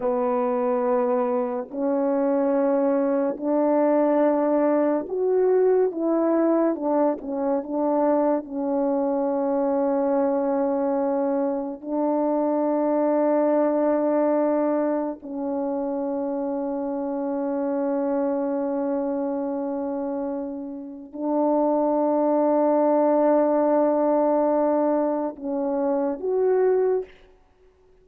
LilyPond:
\new Staff \with { instrumentName = "horn" } { \time 4/4 \tempo 4 = 71 b2 cis'2 | d'2 fis'4 e'4 | d'8 cis'8 d'4 cis'2~ | cis'2 d'2~ |
d'2 cis'2~ | cis'1~ | cis'4 d'2.~ | d'2 cis'4 fis'4 | }